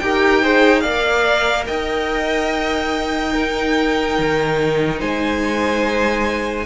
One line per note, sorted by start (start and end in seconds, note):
0.00 0.85 D#4
0.00 0.44 G4
0.00 0.43 A#4
0.00 0.81 G5
0.43 0.85 G#4
0.43 0.82 C5
0.81 1.69 A#3
0.81 3.33 A#4
0.81 1.66 D5
0.81 1.64 F5
1.67 4.19 D#4
1.67 3.33 D#5
1.67 5.00 G5
3.33 6.66 D#4
3.33 4.99 A#4
4.19 5.01 D#3
4.99 6.66 G#3
4.99 6.66 C5
4.99 6.66 G#5